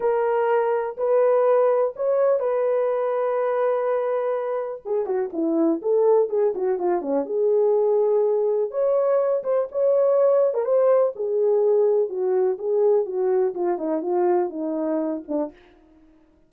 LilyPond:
\new Staff \with { instrumentName = "horn" } { \time 4/4 \tempo 4 = 124 ais'2 b'2 | cis''4 b'2.~ | b'2 gis'8 fis'8 e'4 | a'4 gis'8 fis'8 f'8 cis'8 gis'4~ |
gis'2 cis''4. c''8 | cis''4.~ cis''16 ais'16 c''4 gis'4~ | gis'4 fis'4 gis'4 fis'4 | f'8 dis'8 f'4 dis'4. d'8 | }